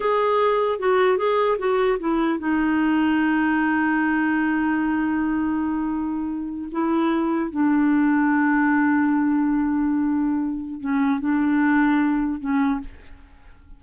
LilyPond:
\new Staff \with { instrumentName = "clarinet" } { \time 4/4 \tempo 4 = 150 gis'2 fis'4 gis'4 | fis'4 e'4 dis'2~ | dis'1~ | dis'1~ |
dis'8. e'2 d'4~ d'16~ | d'1~ | d'2. cis'4 | d'2. cis'4 | }